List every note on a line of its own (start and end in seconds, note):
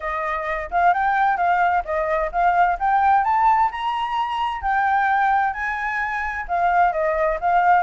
0.00 0.69 D#5
0.70 0.93 F5
0.93 1.37 G5
1.37 1.83 F5
1.84 2.31 D#5
2.32 2.78 F5
2.79 3.24 G5
3.24 3.70 A5
3.71 4.61 A#5
4.61 5.53 G5
5.53 6.45 G#5
6.48 6.92 F5
6.92 7.38 D#5
7.40 7.83 F5